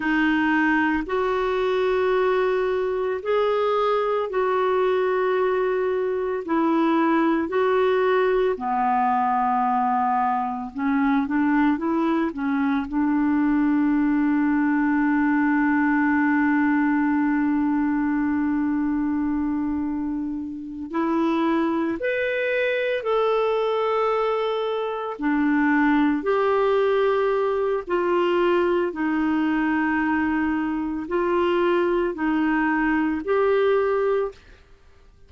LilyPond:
\new Staff \with { instrumentName = "clarinet" } { \time 4/4 \tempo 4 = 56 dis'4 fis'2 gis'4 | fis'2 e'4 fis'4 | b2 cis'8 d'8 e'8 cis'8 | d'1~ |
d'2.~ d'8 e'8~ | e'8 b'4 a'2 d'8~ | d'8 g'4. f'4 dis'4~ | dis'4 f'4 dis'4 g'4 | }